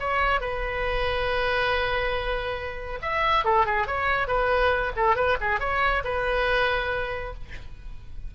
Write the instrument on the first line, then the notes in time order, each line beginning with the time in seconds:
oboe
0.00 C#5
0.41 B4
3.02 E5
3.45 A4
3.66 G#4
3.87 C#5
4.28 B4
4.96 A4
5.16 B4
5.41 G#4
5.60 C#5
6.05 B4